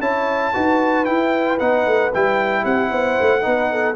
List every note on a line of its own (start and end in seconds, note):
0.00 0.53 C#4
0.00 0.53 E4
0.00 0.53 C#5
0.00 1.05 A5
0.53 1.08 D#4
0.53 1.05 F#4
0.53 2.63 B4
1.05 1.58 E4
1.05 1.60 E4
1.05 1.57 G5
1.59 1.86 B3
1.59 2.11 D#4
1.59 2.11 F#5
1.86 2.12 A3
2.13 2.64 G3
2.13 3.41 E4
2.13 2.64 G5
2.63 2.91 C4
2.63 2.89 G4
2.63 3.95 F#5
2.90 3.18 B3
2.90 3.42 C5
3.20 3.45 A3
3.41 3.95 B3
3.41 3.94 D#4
3.41 3.71 B4
3.71 3.95 A4